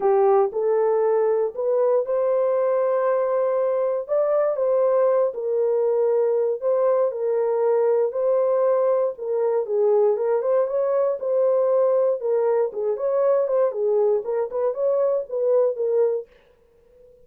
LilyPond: \new Staff \with { instrumentName = "horn" } { \time 4/4 \tempo 4 = 118 g'4 a'2 b'4 | c''1 | d''4 c''4. ais'4.~ | ais'4 c''4 ais'2 |
c''2 ais'4 gis'4 | ais'8 c''8 cis''4 c''2 | ais'4 gis'8 cis''4 c''8 gis'4 | ais'8 b'8 cis''4 b'4 ais'4 | }